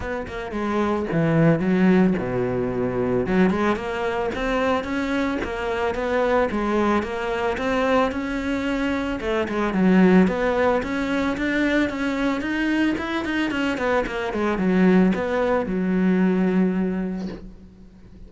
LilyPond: \new Staff \with { instrumentName = "cello" } { \time 4/4 \tempo 4 = 111 b8 ais8 gis4 e4 fis4 | b,2 fis8 gis8 ais4 | c'4 cis'4 ais4 b4 | gis4 ais4 c'4 cis'4~ |
cis'4 a8 gis8 fis4 b4 | cis'4 d'4 cis'4 dis'4 | e'8 dis'8 cis'8 b8 ais8 gis8 fis4 | b4 fis2. | }